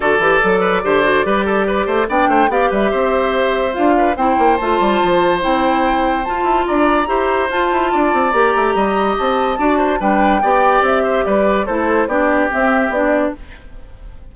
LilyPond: <<
  \new Staff \with { instrumentName = "flute" } { \time 4/4 \tempo 4 = 144 d''1~ | d''4 g''4 f''8 e''4.~ | e''4 f''4 g''4 a''4~ | a''4 g''2 a''4 |
ais''2 a''2 | ais''2 a''2 | g''2 e''4 d''4 | c''4 d''4 e''4 d''4 | }
  \new Staff \with { instrumentName = "oboe" } { \time 4/4 a'4. b'8 c''4 b'8 a'8 | b'8 c''8 d''8 c''8 d''8 b'8 c''4~ | c''4. b'8 c''2~ | c''1 |
d''4 c''2 d''4~ | d''4 dis''2 d''8 c''8 | b'4 d''4. c''8 b'4 | a'4 g'2. | }
  \new Staff \with { instrumentName = "clarinet" } { \time 4/4 fis'8 g'8 a'4 g'8 fis'8 g'4~ | g'4 d'4 g'2~ | g'4 f'4 e'4 f'4~ | f'4 e'2 f'4~ |
f'4 g'4 f'2 | g'2. fis'4 | d'4 g'2. | e'4 d'4 c'4 d'4 | }
  \new Staff \with { instrumentName = "bassoon" } { \time 4/4 d8 e8 fis4 d4 g4~ | g8 a8 b8 a8 b8 g8 c'4~ | c'4 d'4 c'8 ais8 a8 g8 | f4 c'2 f'8 e'8 |
d'4 e'4 f'8 e'8 d'8 c'8 | ais8 a8 g4 c'4 d'4 | g4 b4 c'4 g4 | a4 b4 c'4 b4 | }
>>